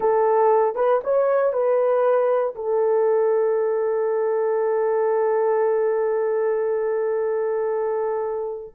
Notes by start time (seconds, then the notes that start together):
0.00 A4
0.75 B4
1.03 C#5
1.52 B4
2.55 A4